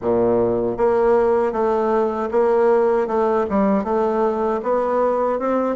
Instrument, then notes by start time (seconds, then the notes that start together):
bassoon
0.01 A#2
0.77 A#3
1.52 A3
2.31 A#3
3.07 A3
3.49 G3
3.84 A3
4.62 B3
5.39 C4